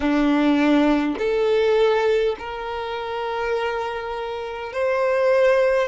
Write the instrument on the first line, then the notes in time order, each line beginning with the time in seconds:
violin
0.00 D4
1.18 A4
2.39 A#4
4.72 C5